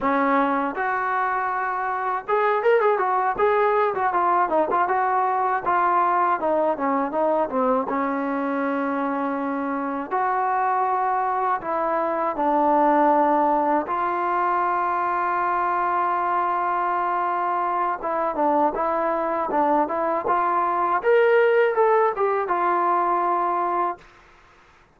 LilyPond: \new Staff \with { instrumentName = "trombone" } { \time 4/4 \tempo 4 = 80 cis'4 fis'2 gis'8 ais'16 gis'16 | fis'8 gis'8. fis'16 f'8 dis'16 f'16 fis'4 f'8~ | f'8 dis'8 cis'8 dis'8 c'8 cis'4.~ | cis'4. fis'2 e'8~ |
e'8 d'2 f'4.~ | f'1 | e'8 d'8 e'4 d'8 e'8 f'4 | ais'4 a'8 g'8 f'2 | }